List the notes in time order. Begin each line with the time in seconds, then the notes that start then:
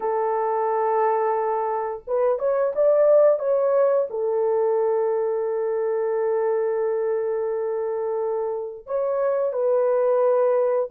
0.00 A4
2.07 B4
2.38 C#5
2.75 D5
3.39 C#5
4.09 A4
8.86 C#5
9.53 B4